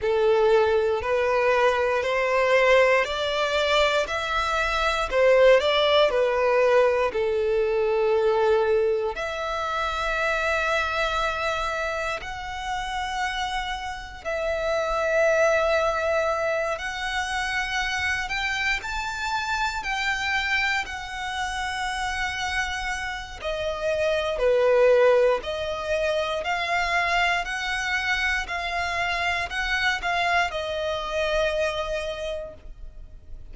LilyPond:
\new Staff \with { instrumentName = "violin" } { \time 4/4 \tempo 4 = 59 a'4 b'4 c''4 d''4 | e''4 c''8 d''8 b'4 a'4~ | a'4 e''2. | fis''2 e''2~ |
e''8 fis''4. g''8 a''4 g''8~ | g''8 fis''2~ fis''8 dis''4 | b'4 dis''4 f''4 fis''4 | f''4 fis''8 f''8 dis''2 | }